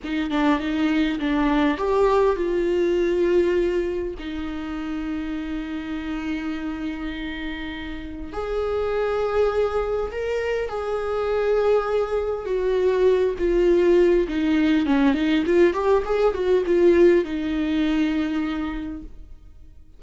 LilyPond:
\new Staff \with { instrumentName = "viola" } { \time 4/4 \tempo 4 = 101 dis'8 d'8 dis'4 d'4 g'4 | f'2. dis'4~ | dis'1~ | dis'2 gis'2~ |
gis'4 ais'4 gis'2~ | gis'4 fis'4. f'4. | dis'4 cis'8 dis'8 f'8 g'8 gis'8 fis'8 | f'4 dis'2. | }